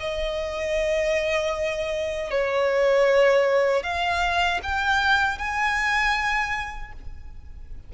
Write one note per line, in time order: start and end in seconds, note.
0.00 2.30 D#5
2.30 3.83 C#5
3.83 4.60 F5
4.63 5.38 G5
5.38 6.92 G#5